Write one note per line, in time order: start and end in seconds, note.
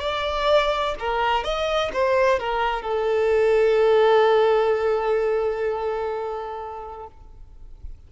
0.00 0.94 D5
0.99 1.44 A#4
1.44 1.91 D#5
1.93 2.39 C5
2.39 2.82 A#4
2.82 7.07 A4